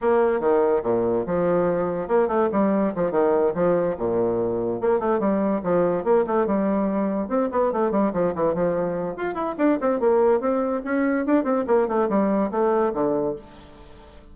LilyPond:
\new Staff \with { instrumentName = "bassoon" } { \time 4/4 \tempo 4 = 144 ais4 dis4 ais,4 f4~ | f4 ais8 a8 g4 f8 dis8~ | dis8 f4 ais,2 ais8 | a8 g4 f4 ais8 a8 g8~ |
g4. c'8 b8 a8 g8 f8 | e8 f4. f'8 e'8 d'8 c'8 | ais4 c'4 cis'4 d'8 c'8 | ais8 a8 g4 a4 d4 | }